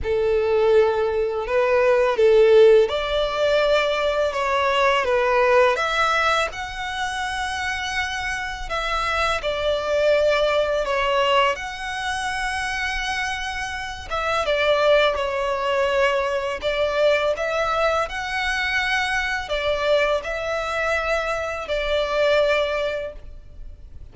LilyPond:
\new Staff \with { instrumentName = "violin" } { \time 4/4 \tempo 4 = 83 a'2 b'4 a'4 | d''2 cis''4 b'4 | e''4 fis''2. | e''4 d''2 cis''4 |
fis''2.~ fis''8 e''8 | d''4 cis''2 d''4 | e''4 fis''2 d''4 | e''2 d''2 | }